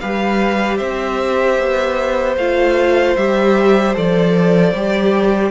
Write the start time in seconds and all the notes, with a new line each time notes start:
0.00 G3 G4 B4 F5
0.77 C4 C5 E5
1.59 B3
2.37 A3 F4 F5
3.16 G3 G4 E5
3.94 F3 A4 D5
4.74 G3 G4